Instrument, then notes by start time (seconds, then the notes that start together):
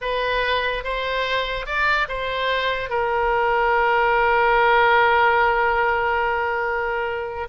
oboe
0.01 B4
0.84 C5
1.66 D5
2.08 C5
2.89 A#4